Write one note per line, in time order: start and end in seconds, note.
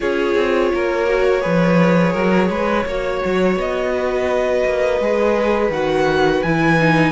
0.00 0.35 C#4
0.00 1.06 F4
0.00 0.72 G#4
0.00 3.58 C#5
0.35 0.70 C4
0.73 1.45 A#3
0.73 1.41 A#4
1.06 1.41 F#4
1.41 2.15 F3
1.41 2.84 G#4
1.41 2.12 B4
2.12 2.49 F#3
2.12 2.48 A#4
2.49 2.85 G#3
2.49 2.86 B4
2.85 3.21 A#3
2.85 5.01 F#4
2.85 3.93 C#5
3.24 3.56 F#3
3.56 4.63 B3
3.56 5.71 D#5
3.93 7.12 B4
4.64 4.99 A#3
4.99 5.69 G#3
4.99 5.72 G#4
5.69 6.41 D#3
5.69 6.44 F#4
5.69 6.43 F#5
6.43 7.12 E3
6.43 6.79 E4
6.43 7.12 G#5
6.79 7.12 D#4